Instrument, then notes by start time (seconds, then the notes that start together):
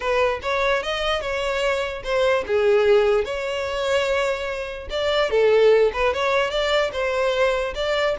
violin
0.00 B4
0.42 C#5
0.82 D#5
1.21 C#5
2.03 C5
2.47 G#4
3.24 C#5
4.90 D5
5.30 A4
5.93 B4
6.13 C#5
6.50 D5
6.92 C5
7.74 D5